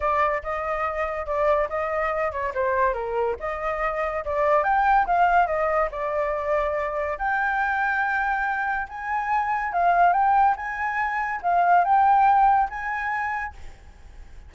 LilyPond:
\new Staff \with { instrumentName = "flute" } { \time 4/4 \tempo 4 = 142 d''4 dis''2 d''4 | dis''4. cis''8 c''4 ais'4 | dis''2 d''4 g''4 | f''4 dis''4 d''2~ |
d''4 g''2.~ | g''4 gis''2 f''4 | g''4 gis''2 f''4 | g''2 gis''2 | }